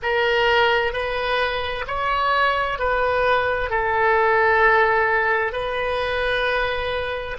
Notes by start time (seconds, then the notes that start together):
0.02 A#4
0.92 B4
1.87 C#5
2.78 B4
3.69 A4
5.52 B4